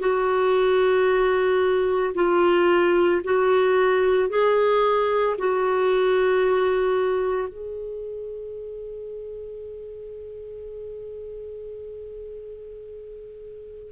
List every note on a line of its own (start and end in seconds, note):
0.00 2.14 F#4
2.15 3.22 F4
3.24 4.30 F#4
4.30 5.37 G#4
5.39 7.49 F#4
7.49 13.91 G#4